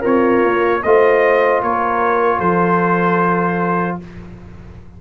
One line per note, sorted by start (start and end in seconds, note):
0.00 0.43 C4
0.00 0.81 F4
0.00 0.79 A#4
0.00 0.82 C#5
0.43 0.83 A#3
0.82 1.61 A3
0.82 4.01 F4
0.82 1.63 C5
0.82 1.61 D#5
1.61 2.40 A#3
1.61 2.38 A#4
1.61 2.39 C#5
2.38 3.98 F3
2.38 3.96 A4
2.38 3.97 C5